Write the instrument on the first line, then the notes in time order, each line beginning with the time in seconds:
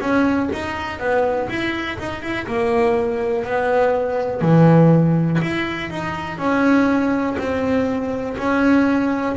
double bass
0.00 C#4
0.52 D#4
0.99 B3
1.49 E4
1.99 D#4
2.22 E4
2.47 A#3
3.44 B3
4.41 E3
5.41 E4
5.90 D#4
6.38 C#4
7.38 C4
8.38 C#4